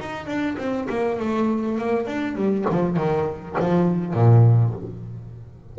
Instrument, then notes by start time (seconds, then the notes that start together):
double bass
0.00 D#4
0.26 D4
0.58 C4
0.89 A#3
1.19 A3
1.78 A#3
2.06 D4
2.35 G3
2.70 F3
2.97 D#3
3.59 F3
4.14 A#2